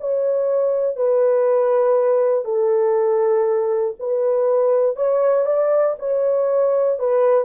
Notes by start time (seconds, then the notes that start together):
0.00 C#5
0.96 B4
2.45 A4
4.00 B4
4.96 C#5
5.46 D5
5.99 C#5
6.99 B4